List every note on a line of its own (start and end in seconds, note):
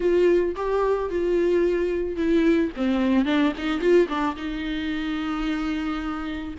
0.00 0.55 F4
0.55 1.10 G4
1.10 2.16 F4
2.16 2.70 E4
2.76 3.25 C4
3.25 3.52 D4
3.57 3.80 D#4
3.80 4.07 F4
4.08 4.35 D4
4.36 6.54 D#4